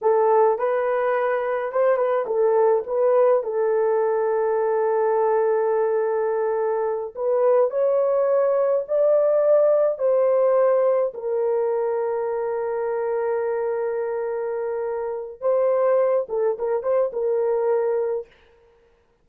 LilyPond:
\new Staff \with { instrumentName = "horn" } { \time 4/4 \tempo 4 = 105 a'4 b'2 c''8 b'8 | a'4 b'4 a'2~ | a'1~ | a'8 b'4 cis''2 d''8~ |
d''4. c''2 ais'8~ | ais'1~ | ais'2. c''4~ | c''8 a'8 ais'8 c''8 ais'2 | }